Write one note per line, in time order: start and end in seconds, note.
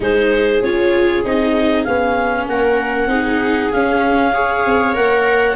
0.00 0.62 G#3
0.00 0.60 D#4
0.00 2.49 G#4
0.00 0.62 C5
0.62 1.24 C#4
0.62 1.24 F4
0.62 1.24 C#5
1.24 1.86 C4
1.24 1.86 D#4
1.24 1.84 D#5
1.84 2.47 B3
1.84 3.09 C#4
1.84 2.45 F5
2.47 3.06 A#3
2.47 3.08 A#4
2.47 3.72 F#5
3.06 3.68 C4
3.06 3.71 D#4
3.06 4.32 G#4
3.72 4.33 C#4
3.72 4.65 C#4
3.72 4.95 F5
4.33 4.93 G#4
4.33 5.55 C#5
4.65 4.96 C4
4.93 5.55 A#3
4.93 5.55 A#4
4.93 5.55 F#5